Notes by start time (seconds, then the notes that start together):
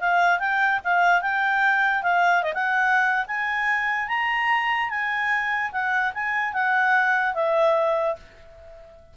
0.00 F5
0.39 G5
0.84 F5
1.22 G5
2.03 F5
2.43 D#5
2.54 F#5
3.27 G#5
4.08 A#5
4.89 G#5
5.72 F#5
6.14 G#5
6.53 F#5
7.34 E5